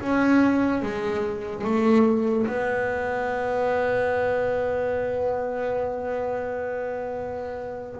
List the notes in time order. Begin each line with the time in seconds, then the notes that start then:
0.00 C#4
0.81 G#3
1.64 A3
2.46 B3